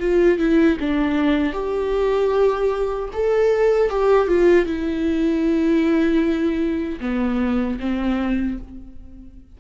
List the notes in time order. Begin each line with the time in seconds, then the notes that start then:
0.00 F4
0.39 E4
0.80 D4
1.53 G4
3.13 A4
3.90 G4
4.28 F4
4.66 E4
7.00 B3
7.80 C4